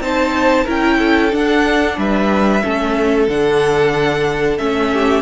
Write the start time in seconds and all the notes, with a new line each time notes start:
0.00 C4 D#4 C5 A5
0.64 C#4 E4 A#4 G5
0.98 A4
1.31 D4 F#5
1.97 G3 B4 E5
2.62 A3 C#4 A4
3.27 D3 D4 F#5
4.58 A3 C#4 E5
4.92 G4